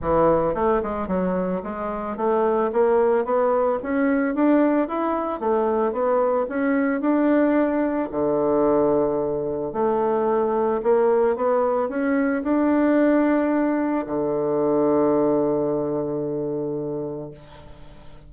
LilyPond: \new Staff \with { instrumentName = "bassoon" } { \time 4/4 \tempo 4 = 111 e4 a8 gis8 fis4 gis4 | a4 ais4 b4 cis'4 | d'4 e'4 a4 b4 | cis'4 d'2 d4~ |
d2 a2 | ais4 b4 cis'4 d'4~ | d'2 d2~ | d1 | }